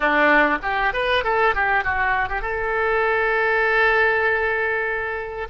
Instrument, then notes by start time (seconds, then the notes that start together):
oboe
0.00 D4
0.62 G4
0.93 B4
1.24 A4
1.54 G4
1.84 F#4
2.28 G4
2.41 A4